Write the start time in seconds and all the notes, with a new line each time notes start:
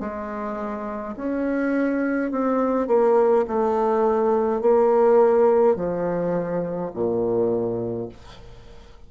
0.00 G#3
1.16 C#4
2.31 C4
2.87 A#3
3.47 A3
4.62 A#3
5.76 F3
6.93 A#2